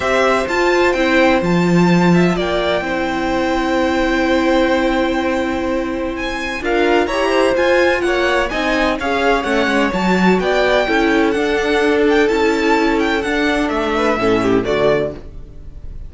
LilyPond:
<<
  \new Staff \with { instrumentName = "violin" } { \time 4/4 \tempo 4 = 127 e''4 a''4 g''4 a''4~ | a''4 g''2.~ | g''1~ | g''4 gis''4 f''4 ais''4 |
gis''4 fis''4 gis''4 f''4 | fis''4 a''4 g''2 | fis''4. g''8 a''4. g''8 | fis''4 e''2 d''4 | }
  \new Staff \with { instrumentName = "violin" } { \time 4/4 c''1~ | c''8 e''8 d''4 c''2~ | c''1~ | c''2 ais'4 cis''8 c''8~ |
c''4 cis''4 dis''4 cis''4~ | cis''2 d''4 a'4~ | a'1~ | a'4. b'8 a'8 g'8 fis'4 | }
  \new Staff \with { instrumentName = "viola" } { \time 4/4 g'4 f'4 e'4 f'4~ | f'2 e'2~ | e'1~ | e'2 f'4 g'4 |
f'2 dis'4 gis'4 | cis'4 fis'2 e'4 | d'2 e'2 | d'2 cis'4 a4 | }
  \new Staff \with { instrumentName = "cello" } { \time 4/4 c'4 f'4 c'4 f4~ | f4 ais4 c'2~ | c'1~ | c'2 d'4 e'4 |
f'4 ais4 c'4 cis'4 | a8 gis8 fis4 b4 cis'4 | d'2 cis'2 | d'4 a4 a,4 d4 | }
>>